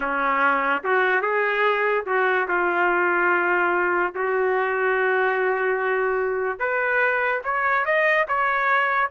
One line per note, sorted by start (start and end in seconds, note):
0.00 0.82 C#4
0.83 1.21 F#4
1.21 2.04 G#4
2.06 2.47 F#4
2.48 4.13 F4
4.15 6.59 F#4
6.59 7.42 B4
7.44 7.85 C#5
7.85 8.26 D#5
8.27 9.10 C#5